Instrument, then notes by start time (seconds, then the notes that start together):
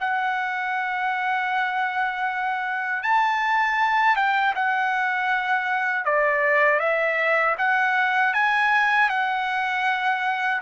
trumpet
0.00 F#5
3.03 A5
4.16 G5
4.55 F#5
6.05 D5
6.79 E5
7.58 F#5
8.33 G#5
9.09 F#5